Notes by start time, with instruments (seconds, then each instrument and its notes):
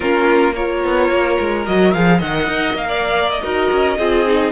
0.00 cello A#3, viola C#4, violin F4 A#4
0.55 viola F4, violin A#4 C#5
0.84 cello B3
1.09 cello A#3
1.40 cello G#3
1.65 cello F#3, viola F#4, violin D#5
1.93 cello F3, viola G#4, violin F5
2.18 cello D#3, viola A#4, violin D#5 F#5
2.47 cello D#4
2.74 cello A#3, violin F5
2.88 violin D5
3.29 violin D#5
3.42 cello D#4, viola F#4, violin A#4
3.71 cello C#4
3.98 cello C4, viola F4, violin G#4
4.26 viola D#4